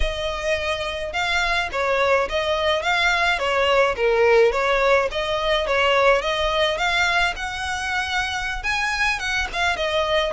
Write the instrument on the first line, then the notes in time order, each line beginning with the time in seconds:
violin
0.00 D#5
1.12 F5
1.72 C#5
2.29 D#5
2.82 F5
3.38 C#5
3.95 A#4
4.52 C#5
5.11 D#5
5.66 C#5
6.21 D#5
6.77 F5
7.36 F#5
8.63 G#5
9.19 F#5
9.52 F5
9.76 D#5